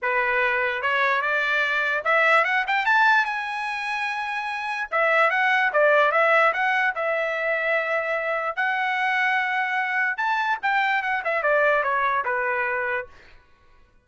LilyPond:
\new Staff \with { instrumentName = "trumpet" } { \time 4/4 \tempo 4 = 147 b'2 cis''4 d''4~ | d''4 e''4 fis''8 g''8 a''4 | gis''1 | e''4 fis''4 d''4 e''4 |
fis''4 e''2.~ | e''4 fis''2.~ | fis''4 a''4 g''4 fis''8 e''8 | d''4 cis''4 b'2 | }